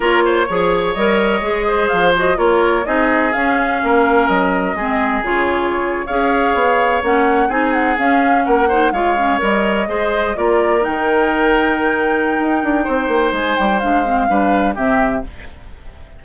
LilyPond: <<
  \new Staff \with { instrumentName = "flute" } { \time 4/4 \tempo 4 = 126 cis''2 dis''2 | f''8 dis''8 cis''4 dis''4 f''4~ | f''4 dis''2 cis''4~ | cis''8. f''2 fis''4 gis''16~ |
gis''16 fis''8 f''4 fis''4 f''4 dis''16~ | dis''4.~ dis''16 d''4 g''4~ g''16~ | g''1 | gis''8 g''8 f''2 e''4 | }
  \new Staff \with { instrumentName = "oboe" } { \time 4/4 ais'8 c''8 cis''2~ cis''8 c''8~ | c''4 ais'4 gis'2 | ais'2 gis'2~ | gis'8. cis''2. gis'16~ |
gis'4.~ gis'16 ais'8 c''8 cis''4~ cis''16~ | cis''8. c''4 ais'2~ ais'16~ | ais'2. c''4~ | c''2 b'4 g'4 | }
  \new Staff \with { instrumentName = "clarinet" } { \time 4/4 f'4 gis'4 ais'4 gis'4~ | gis'8 fis'8 f'4 dis'4 cis'4~ | cis'2 c'4 f'4~ | f'8. gis'2 cis'4 dis'16~ |
dis'8. cis'4. dis'8 f'8 cis'8 ais'16~ | ais'8. gis'4 f'4 dis'4~ dis'16~ | dis'1~ | dis'4 d'8 c'8 d'4 c'4 | }
  \new Staff \with { instrumentName = "bassoon" } { \time 4/4 ais4 f4 g4 gis4 | f4 ais4 c'4 cis'4 | ais4 fis4 gis4 cis4~ | cis8. cis'4 b4 ais4 c'16~ |
c'8. cis'4 ais4 gis4 g16~ | g8. gis4 ais4 dis4~ dis16~ | dis2 dis'8 d'8 c'8 ais8 | gis8 g8 gis4 g4 c4 | }
>>